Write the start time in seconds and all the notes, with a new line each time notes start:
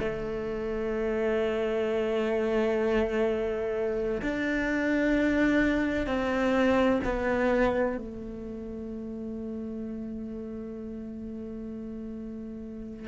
0.00 A3
4.22 D4
6.07 C4
7.05 B3
7.97 A3